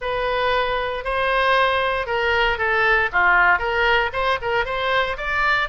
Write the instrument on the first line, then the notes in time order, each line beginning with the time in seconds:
oboe
0.01 B4
1.04 C5
2.06 A#4
2.57 A4
3.12 F4
3.58 A#4
4.12 C5
4.41 A#4
4.65 C5
5.17 D5